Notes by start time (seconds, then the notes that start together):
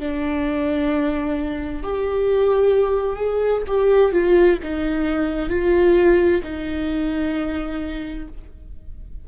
0.00 D4
1.83 G4
3.16 G#4
3.68 G4
4.12 F4
4.63 D#4
5.50 F4
6.44 D#4